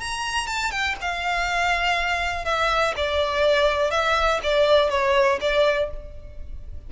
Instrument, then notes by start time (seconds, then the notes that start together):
violin
0.00 A#5
0.47 A5
0.71 G5
1.01 F5
2.45 E5
2.96 D5
3.91 E5
4.43 D5
4.90 C#5
5.41 D5